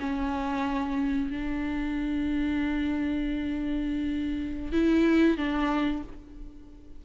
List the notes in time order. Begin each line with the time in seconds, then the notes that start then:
0.00 C#4
1.31 D4
4.73 E4
5.37 D4